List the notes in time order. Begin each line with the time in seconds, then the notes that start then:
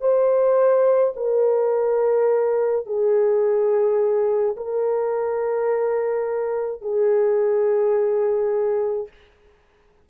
0.00 C5
1.16 A#4
2.86 G#4
4.56 A#4
6.81 G#4